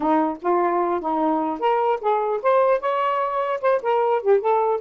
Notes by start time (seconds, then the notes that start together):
0.00 D#4
0.41 F4
1.00 D#4
1.59 A#4
2.01 G#4
2.42 C5
2.80 C#5
3.61 C5
3.82 A#4
4.22 G4
4.40 A4